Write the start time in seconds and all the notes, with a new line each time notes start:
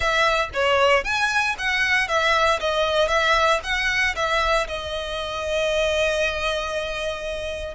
0.00 E5
0.53 C#5
1.04 G#5
1.58 F#5
2.08 E5
2.60 D#5
3.08 E5
3.63 F#5
4.15 E5
4.67 D#5